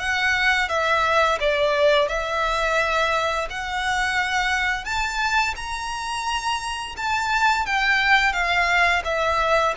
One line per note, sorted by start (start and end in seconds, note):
0.00 0.69 F#5
0.69 1.39 E5
1.40 2.08 D5
2.08 3.48 E5
3.50 4.85 F#5
4.85 5.55 A5
5.56 6.96 A#5
6.97 7.66 A5
7.66 8.33 G5
8.33 9.03 F5
9.05 9.75 E5